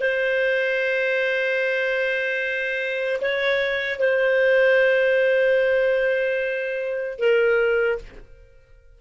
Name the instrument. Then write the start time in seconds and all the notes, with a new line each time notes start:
clarinet
0.00 C5
3.21 C#5
3.99 C5
7.18 A#4